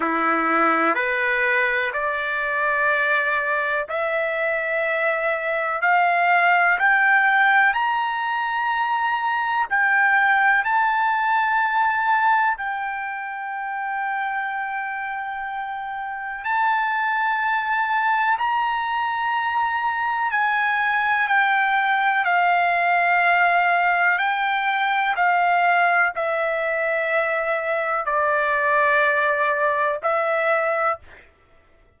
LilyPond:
\new Staff \with { instrumentName = "trumpet" } { \time 4/4 \tempo 4 = 62 e'4 b'4 d''2 | e''2 f''4 g''4 | ais''2 g''4 a''4~ | a''4 g''2.~ |
g''4 a''2 ais''4~ | ais''4 gis''4 g''4 f''4~ | f''4 g''4 f''4 e''4~ | e''4 d''2 e''4 | }